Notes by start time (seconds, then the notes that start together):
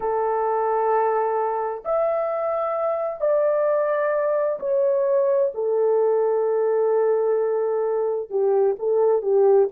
0.00 A4
1.84 E5
3.21 D5
4.59 C#5
5.54 A4
8.30 G4
8.79 A4
9.22 G4